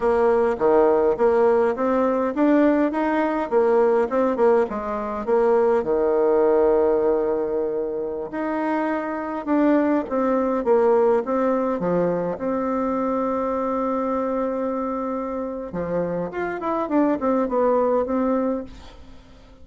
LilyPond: \new Staff \with { instrumentName = "bassoon" } { \time 4/4 \tempo 4 = 103 ais4 dis4 ais4 c'4 | d'4 dis'4 ais4 c'8 ais8 | gis4 ais4 dis2~ | dis2~ dis16 dis'4.~ dis'16~ |
dis'16 d'4 c'4 ais4 c'8.~ | c'16 f4 c'2~ c'8.~ | c'2. f4 | f'8 e'8 d'8 c'8 b4 c'4 | }